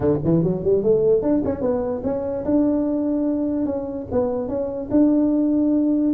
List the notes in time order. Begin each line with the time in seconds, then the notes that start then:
0.00 D3
0.24 E3
0.43 F#3
0.63 G3
0.82 A3
1.22 D4
1.45 C#4
1.61 B3
2.03 C#4
2.44 D4
3.65 C#4
4.11 B3
4.48 C#4
4.91 D4